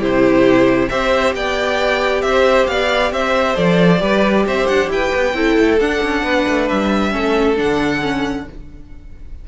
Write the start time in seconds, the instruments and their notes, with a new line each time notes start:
0.00 cello C3, viola E4, violin G4 C5
0.89 cello C4, viola G4, violin C5 E5
1.35 cello B3, violin D5 G5
2.22 cello C4, violin E5
2.29 violin C5
2.67 cello B3, violin D5 F5
3.12 cello C4, violin C5 E5
3.54 cello F3, viola A4, violin D5
3.99 cello G3, viola G4, violin B4
4.46 cello C4, violin C5 E5
4.67 cello D4, violin F#5
4.88 cello E4, violin B4 G5
5.15 cello B3
5.34 cello C4, viola E4, violin A4
5.59 cello A3
5.80 cello D4, viola D4, violin F#5
6.03 cello C#4
6.23 cello B3, violin B4
6.48 cello A3
6.68 cello G3, violin E5
7.11 cello A3, viola C#4, violin A4
7.56 cello D3, viola D4, violin F#5
8.02 viola C#4